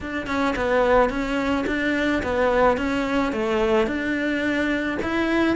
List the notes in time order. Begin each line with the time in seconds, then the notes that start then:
0.01 D4
0.27 C#4
0.56 B3
1.09 C#4
1.67 D4
2.22 B3
2.77 C#4
3.32 A3
3.86 D4
5.02 E4